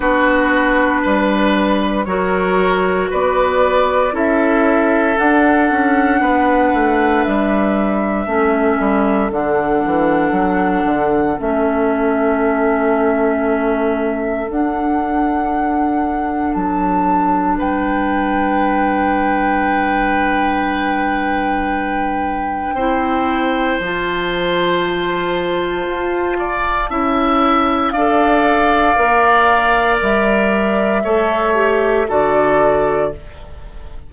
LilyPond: <<
  \new Staff \with { instrumentName = "flute" } { \time 4/4 \tempo 4 = 58 b'2 cis''4 d''4 | e''4 fis''2 e''4~ | e''4 fis''2 e''4~ | e''2 fis''2 |
a''4 g''2.~ | g''2. a''4~ | a''2. f''4~ | f''4 e''2 d''4 | }
  \new Staff \with { instrumentName = "oboe" } { \time 4/4 fis'4 b'4 ais'4 b'4 | a'2 b'2 | a'1~ | a'1~ |
a'4 b'2.~ | b'2 c''2~ | c''4. d''8 e''4 d''4~ | d''2 cis''4 a'4 | }
  \new Staff \with { instrumentName = "clarinet" } { \time 4/4 d'2 fis'2 | e'4 d'2. | cis'4 d'2 cis'4~ | cis'2 d'2~ |
d'1~ | d'2 e'4 f'4~ | f'2 e'4 a'4 | ais'2 a'8 g'8 fis'4 | }
  \new Staff \with { instrumentName = "bassoon" } { \time 4/4 b4 g4 fis4 b4 | cis'4 d'8 cis'8 b8 a8 g4 | a8 g8 d8 e8 fis8 d8 a4~ | a2 d'2 |
fis4 g2.~ | g2 c'4 f4~ | f4 f'4 cis'4 d'4 | ais4 g4 a4 d4 | }
>>